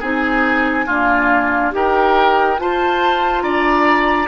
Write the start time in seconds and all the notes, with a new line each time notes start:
0.00 C4 D#4 G#4 G#5
0.87 A#3 D4 F4
1.72 D#4 G4 A#4 G5
2.58 F4 C5 A5
3.41 D4 D5 A#5